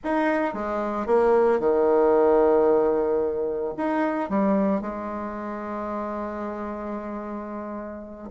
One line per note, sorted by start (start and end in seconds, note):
0.03 0.53 D#4
0.53 1.06 G#3
1.06 1.59 A#3
1.59 3.74 D#3
3.77 4.29 D#4
4.29 4.81 G3
4.81 8.29 G#3